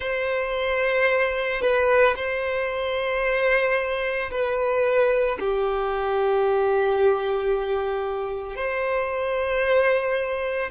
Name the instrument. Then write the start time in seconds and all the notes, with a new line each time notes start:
violin
0.00 C5
1.61 B4
2.16 C5
4.31 B4
5.39 G4
8.55 C5